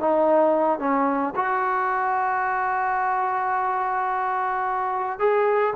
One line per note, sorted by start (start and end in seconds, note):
0.00 0.79 D#4
0.79 1.34 C#4
1.36 5.19 F#4
5.19 5.74 G#4